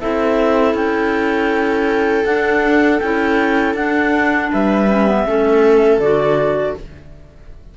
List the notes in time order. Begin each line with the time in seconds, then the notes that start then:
0.00 C4 E4 A4 E5
0.74 C#4 G5
2.25 D4 F#5
2.99 C#4 E4 G5
3.74 D4 F#5
4.50 G3 B4 E5
4.88 C#4
5.07 B3
5.26 A3 C#4 A4
5.98 D3 F#4 D5